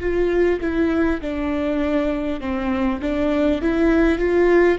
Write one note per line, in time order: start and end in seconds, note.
0.00 0.60 F4
0.61 1.21 E4
1.22 2.41 D4
2.41 3.01 C4
3.02 3.62 D4
3.62 4.18 E4
4.18 4.78 F4